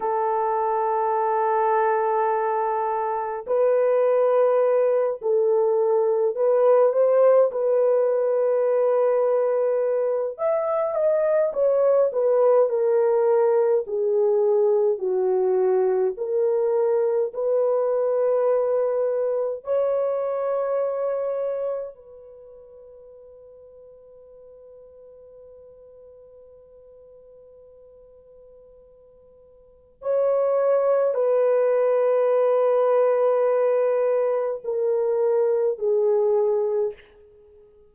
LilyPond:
\new Staff \with { instrumentName = "horn" } { \time 4/4 \tempo 4 = 52 a'2. b'4~ | b'8 a'4 b'8 c''8 b'4.~ | b'4 e''8 dis''8 cis''8 b'8 ais'4 | gis'4 fis'4 ais'4 b'4~ |
b'4 cis''2 b'4~ | b'1~ | b'2 cis''4 b'4~ | b'2 ais'4 gis'4 | }